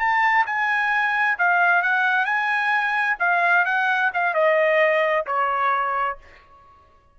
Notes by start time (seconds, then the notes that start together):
0.00 A5
0.47 G#5
1.39 F5
1.83 F#5
2.26 G#5
3.20 F5
3.66 F#5
4.14 F5
4.35 D#5
5.27 C#5